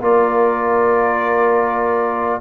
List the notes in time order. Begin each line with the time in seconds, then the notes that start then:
0.00 A#3 F4 A#4 D5